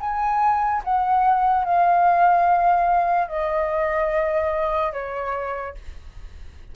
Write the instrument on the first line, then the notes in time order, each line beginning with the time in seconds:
flute
0.00 G#5
0.84 F#5
1.64 F5
3.28 D#5
4.92 C#5